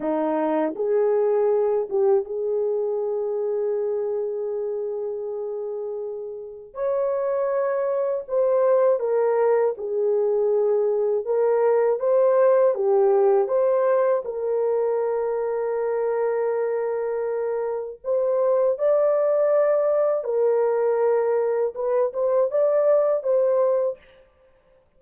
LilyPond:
\new Staff \with { instrumentName = "horn" } { \time 4/4 \tempo 4 = 80 dis'4 gis'4. g'8 gis'4~ | gis'1~ | gis'4 cis''2 c''4 | ais'4 gis'2 ais'4 |
c''4 g'4 c''4 ais'4~ | ais'1 | c''4 d''2 ais'4~ | ais'4 b'8 c''8 d''4 c''4 | }